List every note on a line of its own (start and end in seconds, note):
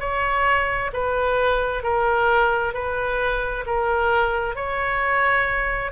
0.00 0.91 C#5
0.93 1.83 B4
1.83 2.74 A#4
2.74 3.65 B4
3.67 4.55 A#4
4.55 5.92 C#5